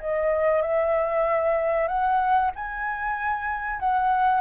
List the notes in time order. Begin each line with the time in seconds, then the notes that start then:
0.00 D#5
0.62 E5
1.88 F#5
2.56 G#5
3.80 F#5